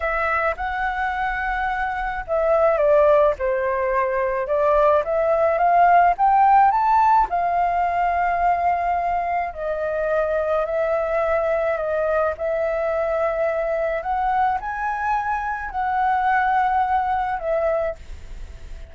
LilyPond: \new Staff \with { instrumentName = "flute" } { \time 4/4 \tempo 4 = 107 e''4 fis''2. | e''4 d''4 c''2 | d''4 e''4 f''4 g''4 | a''4 f''2.~ |
f''4 dis''2 e''4~ | e''4 dis''4 e''2~ | e''4 fis''4 gis''2 | fis''2. e''4 | }